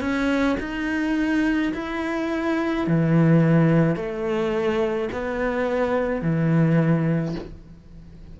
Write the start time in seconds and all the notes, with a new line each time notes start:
0.00 C#4
0.60 D#4
1.73 E4
2.87 E3
3.96 A3
5.12 B3
6.22 E3